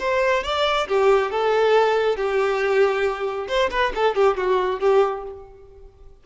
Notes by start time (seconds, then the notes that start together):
0.00 C5
0.44 D5
0.88 G4
1.32 A4
2.17 G4
3.48 C5
3.71 B4
3.96 A4
4.16 G4
4.37 F#4
4.80 G4